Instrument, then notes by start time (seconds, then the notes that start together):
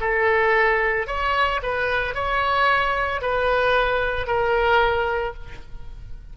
oboe
0.00 A4
1.07 C#5
1.62 B4
2.14 C#5
3.21 B4
4.27 A#4